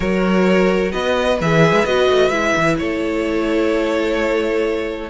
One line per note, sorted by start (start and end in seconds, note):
0.00 0.92 F#3
0.00 1.36 F#4
0.00 0.91 A#4
0.00 0.92 C#5
0.91 1.40 B3
0.91 2.77 B4
0.91 1.38 D#5
1.40 1.72 E3
1.40 1.87 G#4
1.40 1.85 E5
1.72 1.83 G#3
1.85 2.08 B3
1.85 2.32 F#4
1.85 2.29 D#5
2.10 2.30 A3
2.29 2.53 G#3
2.29 5.10 E4
2.29 2.75 E5
2.57 2.80 E3
2.78 5.10 A3
2.78 5.10 A4
2.78 5.10 C#5